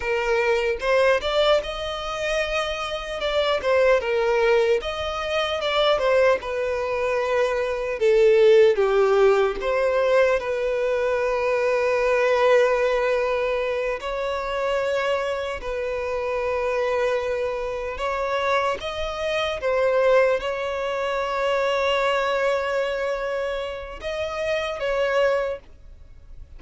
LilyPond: \new Staff \with { instrumentName = "violin" } { \time 4/4 \tempo 4 = 75 ais'4 c''8 d''8 dis''2 | d''8 c''8 ais'4 dis''4 d''8 c''8 | b'2 a'4 g'4 | c''4 b'2.~ |
b'4. cis''2 b'8~ | b'2~ b'8 cis''4 dis''8~ | dis''8 c''4 cis''2~ cis''8~ | cis''2 dis''4 cis''4 | }